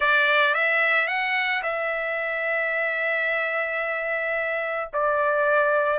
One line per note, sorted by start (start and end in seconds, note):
0.00 0.54 D5
0.54 1.07 E5
1.07 1.62 F#5
1.62 4.90 E5
4.93 5.99 D5